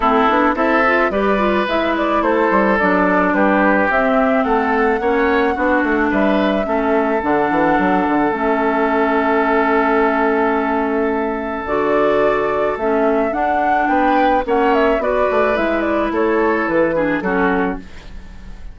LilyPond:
<<
  \new Staff \with { instrumentName = "flute" } { \time 4/4 \tempo 4 = 108 a'4 e''4 d''4 e''8 d''8 | c''4 d''4 b'4 e''4 | fis''2. e''4~ | e''4 fis''2 e''4~ |
e''1~ | e''4 d''2 e''4 | fis''4 g''4 fis''8 e''8 d''4 | e''8 d''8 cis''4 b'4 a'4 | }
  \new Staff \with { instrumentName = "oboe" } { \time 4/4 e'4 a'4 b'2 | a'2 g'2 | a'4 cis''4 fis'4 b'4 | a'1~ |
a'1~ | a'1~ | a'4 b'4 cis''4 b'4~ | b'4 a'4. gis'8 fis'4 | }
  \new Staff \with { instrumentName = "clarinet" } { \time 4/4 c'8 d'8 e'8 f'8 g'8 f'8 e'4~ | e'4 d'2 c'4~ | c'4 cis'4 d'2 | cis'4 d'2 cis'4~ |
cis'1~ | cis'4 fis'2 cis'4 | d'2 cis'4 fis'4 | e'2~ e'8 d'8 cis'4 | }
  \new Staff \with { instrumentName = "bassoon" } { \time 4/4 a8 b8 c'4 g4 gis4 | a8 g8 fis4 g4 c'4 | a4 ais4 b8 a8 g4 | a4 d8 e8 fis8 d8 a4~ |
a1~ | a4 d2 a4 | d'4 b4 ais4 b8 a8 | gis4 a4 e4 fis4 | }
>>